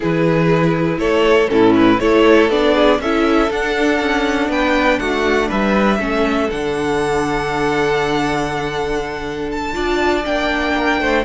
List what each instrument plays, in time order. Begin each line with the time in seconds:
0.00 cello E3, viola E4, violin G#4 B4
0.97 cello A3, violin A4 C#5
1.48 cello A2, viola C#4, violin E4 A4
1.75 violin B4
1.99 cello A3, viola E4, violin A4 C#5
2.49 cello B3, viola D4, violin D5
2.75 violin G#4
2.99 cello C#4, viola E4, violin A4 E5
3.50 viola D4, cello D4, violin F#5
4.00 cello C#4
4.48 cello B3, violin B4 G5
4.99 cello A3, violin F#4 F#5
5.48 cello G3, violin B4 E5
5.98 cello A3, viola C#4, violin A4
6.50 cello D3, viola D4, violin F#5
9.50 violin A5
9.73 cello D4, viola F4, violin D5
10.24 cello A#3, viola D4, violin G5
10.77 violin A#4
11.00 cello A3, violin C5